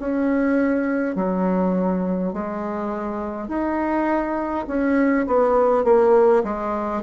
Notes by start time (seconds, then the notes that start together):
0.00 C#4
1.16 F#3
2.33 G#3
3.48 D#4
4.68 C#4
5.27 B3
5.84 A#3
6.44 G#3